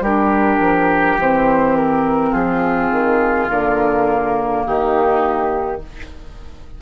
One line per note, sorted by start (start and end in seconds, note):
0.00 0.58 G3
0.00 1.20 D4
0.00 2.30 G4
0.00 1.19 A#4
0.60 1.17 F3
1.18 2.33 E3
1.18 3.49 C4
1.18 1.76 C5
1.76 2.34 A#4
2.30 2.91 F3
2.30 4.61 F4
2.30 3.49 G#4
2.91 3.49 D#3
3.49 4.65 D3
3.49 5.79 A#3
3.49 4.65 A#4
4.66 5.82 D#3
4.66 5.82 D#4
4.66 5.82 G4